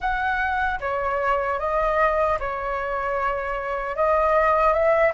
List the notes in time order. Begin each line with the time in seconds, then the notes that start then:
0.00 F#5
0.80 C#5
1.59 D#5
2.39 C#5
3.95 D#5
4.73 E5